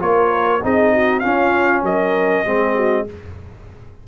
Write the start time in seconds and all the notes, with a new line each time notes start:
0.00 A#3 F4 A#4 C#5
0.63 C4 D#4 G#4 D#5
0.93 F#4
1.20 C#4 F4 F5
1.26 C#4
1.83 F#3 A#4 D#5
2.45 G#3 C4 G#4
2.75 F#4